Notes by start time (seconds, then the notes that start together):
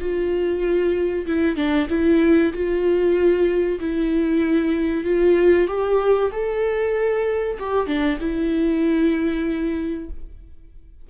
0.00 F4
1.27 E4
1.56 D4
1.90 E4
2.53 F4
3.80 E4
5.05 F4
5.68 G4
6.32 A4
7.59 G4
7.87 D4
8.20 E4